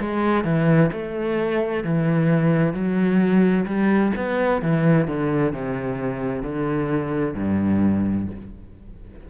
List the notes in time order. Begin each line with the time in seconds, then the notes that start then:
0.00 G#3
0.44 E3
0.92 A3
1.83 E3
2.73 F#3
3.66 G3
4.16 B3
4.62 E3
5.07 D3
5.53 C3
6.42 D3
7.34 G2